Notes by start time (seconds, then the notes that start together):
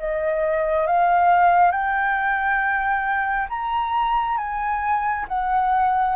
0.00 D#5
0.87 F5
1.72 G5
3.50 A#5
4.38 G#5
5.29 F#5